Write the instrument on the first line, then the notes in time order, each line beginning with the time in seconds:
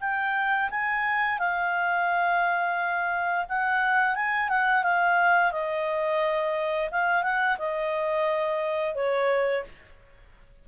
clarinet
0.00 G5
0.70 G#5
1.38 F5
3.48 F#5
4.15 G#5
4.48 F#5
4.83 F5
5.51 D#5
6.91 F5
7.22 F#5
7.58 D#5
8.94 C#5